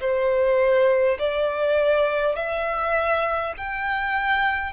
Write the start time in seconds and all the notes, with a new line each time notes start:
0.00 C5
1.18 D5
2.35 E5
3.57 G5